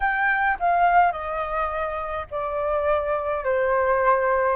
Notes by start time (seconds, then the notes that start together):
0.00 G5
0.59 F5
1.12 D#5
2.30 D5
3.44 C5